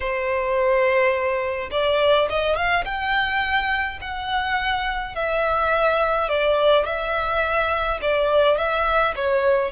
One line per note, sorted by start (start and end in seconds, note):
0.00 1.69 C5
1.71 2.28 D5
2.29 2.56 D#5
2.56 2.84 F5
2.84 3.99 G5
4.01 5.15 F#5
5.15 6.28 E5
6.28 6.85 D5
6.85 8.00 E5
8.01 8.57 D5
8.57 9.14 E5
9.15 9.72 C#5